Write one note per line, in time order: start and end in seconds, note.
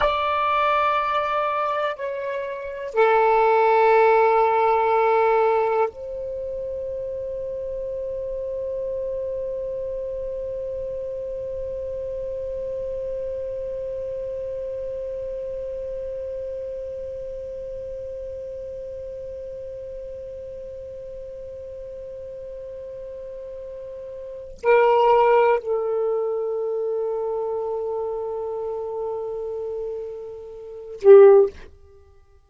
0.00 1.95 D5
1.95 2.93 C#5
2.93 5.88 A4
5.89 24.58 C5
24.63 25.59 A#4
25.59 31.00 A4
31.00 31.49 G4